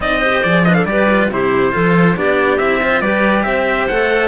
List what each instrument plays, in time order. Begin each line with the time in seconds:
0.00 cello C4 D#4, clarinet D5, trumpet D#5
0.19 cello G4, clarinet C5
0.43 cello F3 G#4, trumpet D5
0.64 cello D4, clarinet B4, trumpet D#5
0.73 clarinet A4, trumpet F5
0.85 cello G3 G4, clarinet B4, trumpet D5
1.10 cello F4
1.29 cello C3 E4, clarinet G4, trumpet C5
1.72 cello F3 F4, clarinet A4
2.16 cello B3 D4, clarinet G4, trumpet D5
2.58 cello C4 E4, trumpet E5
2.82 cello F4, clarinet C5
3.01 cello G3 G4, clarinet B4, trumpet D5
3.43 cello C4, clarinet C5, trumpet E5
3.87 cello A3 A4, trumpet F#5